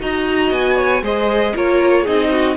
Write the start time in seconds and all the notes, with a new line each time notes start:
0.00 D#4 F#4 D#5 A#5
0.52 B3 G#5
0.77 C#5
1.02 G#3 G#4 C5 D#5
1.56 A#3 F4 A#4 C#5
2.03 C4 D#4 G#4 D#5
2.31 F#4